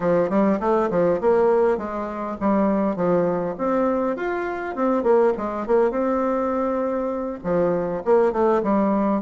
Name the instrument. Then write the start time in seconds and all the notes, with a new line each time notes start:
bassoon
0.00 F3
0.29 G3
0.59 A3
0.90 F3
1.20 A#3
1.77 G#3
2.40 G3
2.95 F3
3.58 C4
4.16 F4
4.75 C4
5.03 A#3
5.37 G#3
5.66 A#3
5.90 C4
7.43 F3
8.04 A#3
8.32 A3
8.63 G3